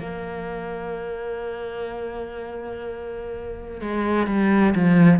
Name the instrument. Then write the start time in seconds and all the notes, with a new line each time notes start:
cello
0.00 A#3
3.81 G#3
4.27 G3
4.75 F3